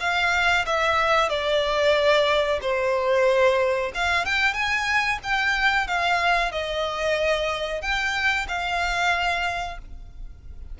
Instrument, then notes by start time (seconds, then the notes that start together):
violin
0.00 F5
0.66 E5
1.29 D5
2.62 C5
3.95 F5
4.25 G5
4.54 G#5
5.23 G5
5.87 F5
6.51 D#5
7.82 G5
8.48 F5